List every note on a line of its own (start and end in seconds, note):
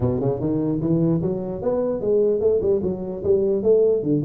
0.00 0.20 B2
0.20 0.40 C#3
0.40 0.80 D#3
0.81 1.21 E3
1.21 1.61 F#3
1.61 2.00 B3
2.00 2.40 G#3
2.40 2.60 A3
2.61 2.81 G3
2.82 3.23 F#3
3.23 3.62 G3
3.62 4.02 A3
4.02 4.23 D3